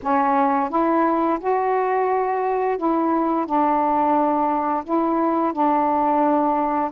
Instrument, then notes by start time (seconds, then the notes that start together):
saxophone
0.02 C#4
0.69 E4
1.39 F#4
2.77 E4
3.45 D4
4.84 E4
5.52 D4